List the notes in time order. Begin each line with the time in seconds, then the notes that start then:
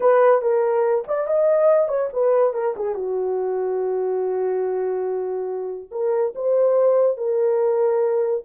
0.00 B4
0.41 A#4
1.07 D5
1.27 D#5
1.88 C#5
2.12 B4
2.53 A#4
2.76 G#4
2.94 F#4
5.91 A#4
6.35 C5
7.17 A#4